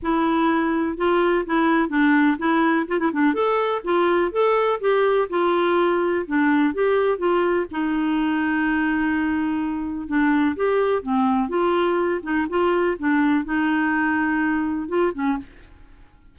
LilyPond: \new Staff \with { instrumentName = "clarinet" } { \time 4/4 \tempo 4 = 125 e'2 f'4 e'4 | d'4 e'4 f'16 e'16 d'8 a'4 | f'4 a'4 g'4 f'4~ | f'4 d'4 g'4 f'4 |
dis'1~ | dis'4 d'4 g'4 c'4 | f'4. dis'8 f'4 d'4 | dis'2. f'8 cis'8 | }